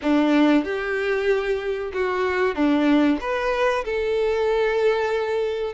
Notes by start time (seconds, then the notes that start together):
0.02 D4
0.64 G4
1.93 F#4
2.55 D4
3.20 B4
3.84 A4